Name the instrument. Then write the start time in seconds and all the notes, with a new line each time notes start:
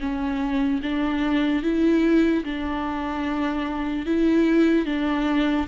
viola
0.00 C#4
0.83 D4
1.63 E4
2.44 D4
4.06 E4
4.86 D4